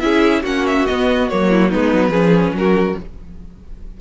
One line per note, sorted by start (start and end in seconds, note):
0.00 0.44 C#4
0.00 0.43 E4
0.00 0.43 G#4
0.00 0.42 E5
0.43 0.86 A#3
0.43 0.87 C#4
0.43 1.48 F#4
0.43 0.67 F#5
0.67 0.87 E5
0.87 1.30 B3
0.87 1.32 B3
0.87 1.29 D#5
1.29 1.74 F#3
1.29 1.72 A#3
1.29 1.71 C#5
1.49 1.69 E4
1.69 1.93 G#3
1.69 2.12 B3
1.69 2.11 D#4
1.69 2.56 B4
1.93 2.10 F#3
2.10 2.52 F3
2.10 2.96 C#4
2.10 2.53 G#4
2.52 2.95 F#3
2.52 3.01 F#4
2.52 2.98 A#4